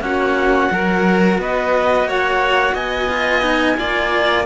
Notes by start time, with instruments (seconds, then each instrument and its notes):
0.00 cello A#3 C#4, violin F#4, clarinet F#5
0.69 cello F#3 F#4, violin A#4
1.37 cello B3, violin B4, clarinet D#5
2.04 cello A#3, violin C#5, clarinet F#5
2.74 cello B3, violin D#5, clarinet G#5
3.09 cello F4
3.42 cello D#4
3.76 cello A#3 F4, violin D5